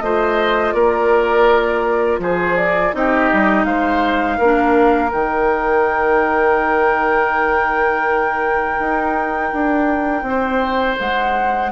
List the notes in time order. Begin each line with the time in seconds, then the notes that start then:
0.00 A3 F4 C5 D#5
0.73 A#3 A#4 D5
2.19 F3 G#4 C5
2.57 D5
2.93 C4 D#4 G4 D#5
3.33 G3
3.65 G#3 C5 F5
4.38 A#3 A#4
4.45 D4
5.10 D#3 D#4 G5
8.79 D#4
9.53 D4
10.23 C4 C5
11.00 G#3 F#5